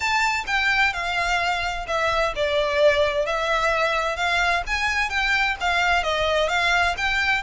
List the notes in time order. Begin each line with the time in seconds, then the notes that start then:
0.00 A5
0.47 G5
0.93 F5
1.87 E5
2.35 D5
3.26 E5
4.16 F5
4.66 G#5
5.09 G5
5.60 F5
6.03 D#5
6.48 F5
6.97 G5